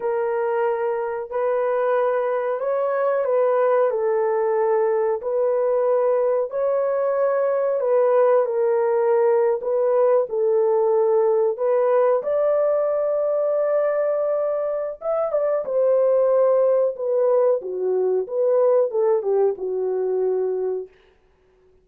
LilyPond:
\new Staff \with { instrumentName = "horn" } { \time 4/4 \tempo 4 = 92 ais'2 b'2 | cis''4 b'4 a'2 | b'2 cis''2 | b'4 ais'4.~ ais'16 b'4 a'16~ |
a'4.~ a'16 b'4 d''4~ d''16~ | d''2. e''8 d''8 | c''2 b'4 fis'4 | b'4 a'8 g'8 fis'2 | }